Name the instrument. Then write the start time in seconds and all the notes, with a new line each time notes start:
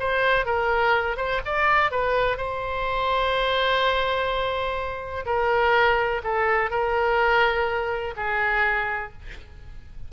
oboe
0.00 C5
0.46 A#4
1.17 C5
1.45 D5
1.92 B4
2.37 C5
5.26 A#4
6.24 A4
6.70 A#4
8.17 G#4